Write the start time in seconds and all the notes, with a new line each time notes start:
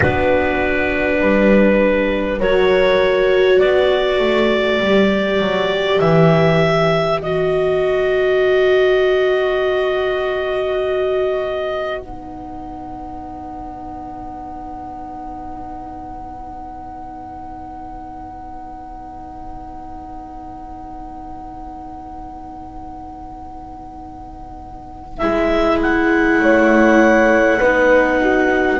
0.00 B3 D4 F#4 B4
1.19 G3 B4
2.38 F#3 F#4 A#4 C#5
3.58 B3 B4 D5
4.19 A3
4.79 G3 G4
5.40 F#3
5.99 E3 E5
7.20 B3 F#4 D#5
12.00 D#4 F#5
25.17 G#3 E4 E5
25.82 F#5
26.39 A3 C#5
27.58 B3 D#4 B4
28.21 F#4